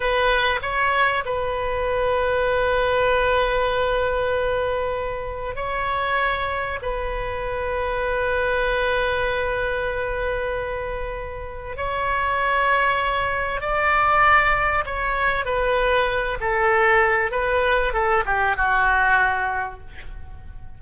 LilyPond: \new Staff \with { instrumentName = "oboe" } { \time 4/4 \tempo 4 = 97 b'4 cis''4 b'2~ | b'1~ | b'4 cis''2 b'4~ | b'1~ |
b'2. cis''4~ | cis''2 d''2 | cis''4 b'4. a'4. | b'4 a'8 g'8 fis'2 | }